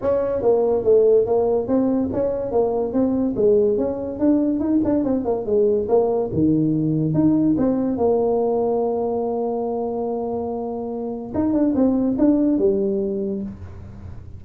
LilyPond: \new Staff \with { instrumentName = "tuba" } { \time 4/4 \tempo 4 = 143 cis'4 ais4 a4 ais4 | c'4 cis'4 ais4 c'4 | gis4 cis'4 d'4 dis'8 d'8 | c'8 ais8 gis4 ais4 dis4~ |
dis4 dis'4 c'4 ais4~ | ais1~ | ais2. dis'8 d'8 | c'4 d'4 g2 | }